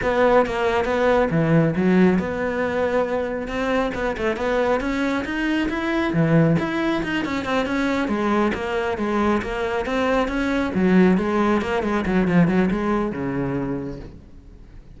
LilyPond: \new Staff \with { instrumentName = "cello" } { \time 4/4 \tempo 4 = 137 b4 ais4 b4 e4 | fis4 b2. | c'4 b8 a8 b4 cis'4 | dis'4 e'4 e4 e'4 |
dis'8 cis'8 c'8 cis'4 gis4 ais8~ | ais8 gis4 ais4 c'4 cis'8~ | cis'8 fis4 gis4 ais8 gis8 fis8 | f8 fis8 gis4 cis2 | }